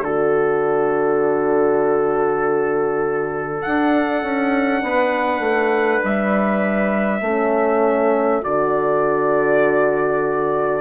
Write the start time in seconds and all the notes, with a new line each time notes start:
0.00 D3 F#4 A4 D5
3.61 D4 F#5
4.22 C#4
4.82 B3 B4
5.39 A3
6.03 G3 E5
7.21 A3 C#4 A4
8.41 D3 F#4 D5